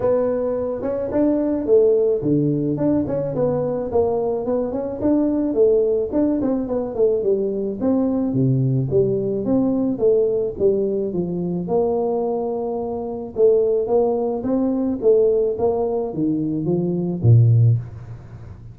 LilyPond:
\new Staff \with { instrumentName = "tuba" } { \time 4/4 \tempo 4 = 108 b4. cis'8 d'4 a4 | d4 d'8 cis'8 b4 ais4 | b8 cis'8 d'4 a4 d'8 c'8 | b8 a8 g4 c'4 c4 |
g4 c'4 a4 g4 | f4 ais2. | a4 ais4 c'4 a4 | ais4 dis4 f4 ais,4 | }